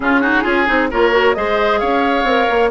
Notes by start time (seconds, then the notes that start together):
0.00 C#3 C#4 F4 G#4
0.20 D#4 F#4
0.43 C#4 F4 G#4
0.66 C4 D#4
0.91 A#3 F4 A#4 C#5
1.11 F#4
1.34 G#3 G#4 C5 D#5
1.78 C#4 C#5 F5
2.23 C4 A#4
2.50 A#3